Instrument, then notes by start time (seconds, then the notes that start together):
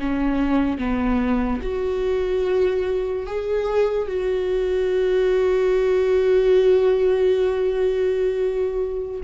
viola
0.00 C#4
0.78 B3
1.63 F#4
3.27 G#4
4.08 F#4